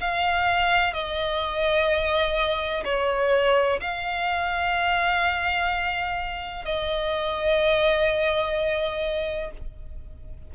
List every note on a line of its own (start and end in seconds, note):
0.00 0.93 F5
0.93 2.84 D#5
2.84 3.80 C#5
3.81 6.65 F5
6.65 9.51 D#5